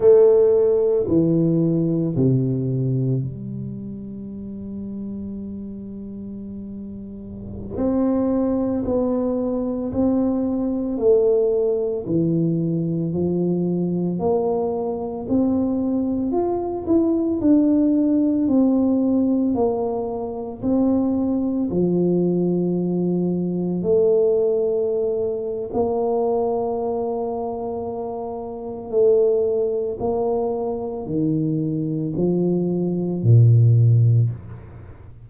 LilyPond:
\new Staff \with { instrumentName = "tuba" } { \time 4/4 \tempo 4 = 56 a4 e4 c4 g4~ | g2.~ g16 c'8.~ | c'16 b4 c'4 a4 e8.~ | e16 f4 ais4 c'4 f'8 e'16~ |
e'16 d'4 c'4 ais4 c'8.~ | c'16 f2 a4.~ a16 | ais2. a4 | ais4 dis4 f4 ais,4 | }